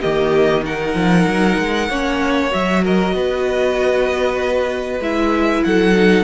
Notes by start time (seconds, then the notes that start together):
0.00 D#3 A#3 G4 D#5
0.64 D#4 A#4 F#5
0.94 F3
1.26 F#3
1.58 G#3
1.89 A#3 C#4 C#5
2.50 F#3 F#4 E5
2.83 A#4 D#5
3.14 B3 B4
5.00 G#3 E4 E5
5.64 F#3 A4 F#5
5.95 D#4